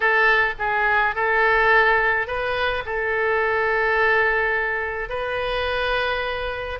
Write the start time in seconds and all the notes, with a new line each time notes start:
0.00 A4
0.58 G#4
1.15 A4
2.27 B4
2.85 A4
5.09 B4